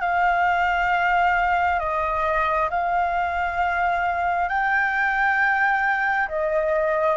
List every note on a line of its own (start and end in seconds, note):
0.00 1.79 F5
1.79 2.69 D#5
2.70 4.48 F5
4.48 6.27 G5
6.28 7.16 D#5